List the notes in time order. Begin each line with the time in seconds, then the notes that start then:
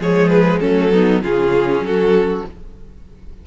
0.00 F3 G#3 G#4 C#5
0.29 B4
0.60 F#3 A3 C#4 A4
0.92 B3 D#4
1.22 C#3 C#4 F4 G#4
1.80 F#3 F#4 A4